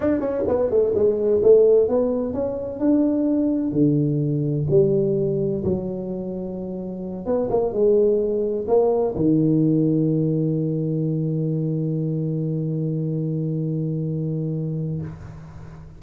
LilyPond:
\new Staff \with { instrumentName = "tuba" } { \time 4/4 \tempo 4 = 128 d'8 cis'8 b8 a8 gis4 a4 | b4 cis'4 d'2 | d2 g2 | fis2.~ fis8 b8 |
ais8 gis2 ais4 dis8~ | dis1~ | dis1~ | dis1 | }